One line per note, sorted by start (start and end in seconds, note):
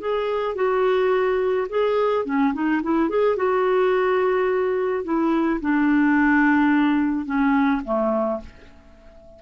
0.00 0.55 G#4
0.55 1.67 F#4
1.69 2.25 G#4
2.25 2.53 C#4
2.54 2.82 D#4
2.83 3.09 E4
3.09 3.36 G#4
3.36 5.04 F#4
5.04 5.60 E4
5.61 7.26 D4
7.26 7.82 C#4
7.85 8.41 A3